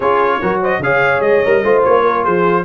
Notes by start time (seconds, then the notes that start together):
0.00 C#4 F4 G#4 C#5
0.41 F#3 F#4 A#4
0.61 C5 D#5
0.79 C#3 G#4 C#5 F5
1.19 G#3 D#5
1.44 G3 A#4
1.63 A3 F4 C5
1.83 A#3 C#5
2.01 A#4
2.24 F3 G#4 C5